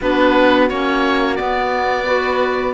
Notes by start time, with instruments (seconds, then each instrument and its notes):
0.00 cello B3, clarinet D4, horn F#4, oboe B4
0.69 cello A#3, clarinet C#4, oboe C#5
1.36 clarinet B3, cello B3, oboe D5
2.05 clarinet F#4, horn B4